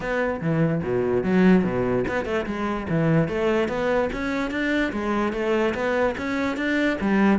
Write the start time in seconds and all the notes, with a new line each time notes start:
0.00 B3
0.41 E3
0.82 B2
1.23 F#3
1.63 B2
2.08 B3
2.25 A3
2.45 G#3
2.89 E3
3.28 A3
3.68 B3
4.12 C#4
4.50 D4
4.92 G#3
5.33 A3
5.74 B3
6.17 C#4
6.56 D4
7.00 G3